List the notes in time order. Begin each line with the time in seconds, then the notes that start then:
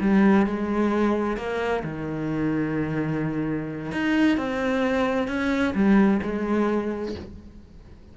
0.00 G3
0.46 G#3
1.37 A#3
1.84 D#3
3.92 D#4
4.37 C4
5.27 C#4
5.74 G3
6.23 G#3